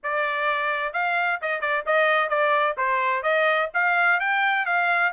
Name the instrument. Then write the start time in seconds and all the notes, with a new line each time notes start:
trumpet
0.03 D5
0.93 F5
1.41 D#5
1.60 D5
1.86 D#5
2.29 D5
2.77 C5
3.23 D#5
3.73 F5
4.19 G5
4.65 F5